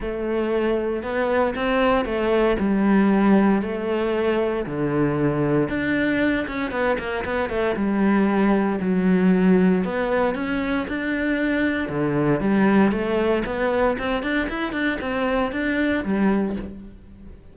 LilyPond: \new Staff \with { instrumentName = "cello" } { \time 4/4 \tempo 4 = 116 a2 b4 c'4 | a4 g2 a4~ | a4 d2 d'4~ | d'8 cis'8 b8 ais8 b8 a8 g4~ |
g4 fis2 b4 | cis'4 d'2 d4 | g4 a4 b4 c'8 d'8 | e'8 d'8 c'4 d'4 g4 | }